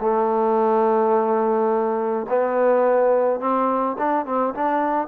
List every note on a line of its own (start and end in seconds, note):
0.00 2.26 A3
2.29 3.40 B3
3.40 3.96 C4
3.99 4.26 D4
4.26 4.54 C4
4.55 5.08 D4